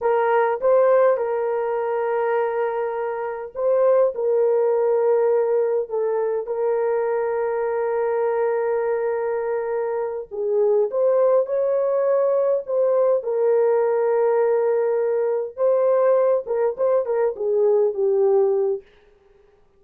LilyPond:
\new Staff \with { instrumentName = "horn" } { \time 4/4 \tempo 4 = 102 ais'4 c''4 ais'2~ | ais'2 c''4 ais'4~ | ais'2 a'4 ais'4~ | ais'1~ |
ais'4. gis'4 c''4 cis''8~ | cis''4. c''4 ais'4.~ | ais'2~ ais'8 c''4. | ais'8 c''8 ais'8 gis'4 g'4. | }